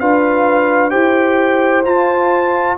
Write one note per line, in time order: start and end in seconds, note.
0.00 0.93 D4
0.00 0.91 F4
0.00 0.91 B4
0.00 0.91 F5
0.91 1.85 E4
0.91 1.83 G4
0.91 2.76 C5
0.91 1.83 G5
1.85 2.78 F4
1.85 2.78 A5